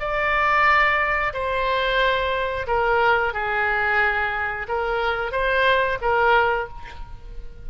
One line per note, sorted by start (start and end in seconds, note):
0.00 1.33 D5
1.34 2.67 C5
2.67 3.34 A#4
3.34 4.67 G#4
4.68 5.32 A#4
5.32 5.99 C5
6.02 6.68 A#4